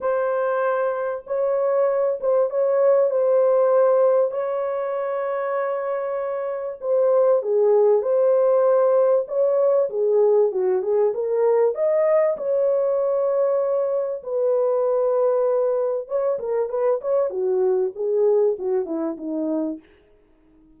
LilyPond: \new Staff \with { instrumentName = "horn" } { \time 4/4 \tempo 4 = 97 c''2 cis''4. c''8 | cis''4 c''2 cis''4~ | cis''2. c''4 | gis'4 c''2 cis''4 |
gis'4 fis'8 gis'8 ais'4 dis''4 | cis''2. b'4~ | b'2 cis''8 ais'8 b'8 cis''8 | fis'4 gis'4 fis'8 e'8 dis'4 | }